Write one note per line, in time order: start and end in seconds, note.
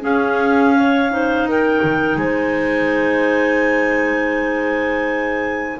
0.00 1.08 C#4
0.00 1.43 C#4
0.00 0.74 G#4
0.00 1.48 F5
0.75 1.11 C#5
1.09 5.79 D#4
1.09 1.48 C5
1.43 1.79 D#4
1.43 2.18 A#4
1.50 2.18 G5
1.83 2.16 D#3
2.16 5.77 G#3
2.16 5.79 C5
2.16 5.79 G#5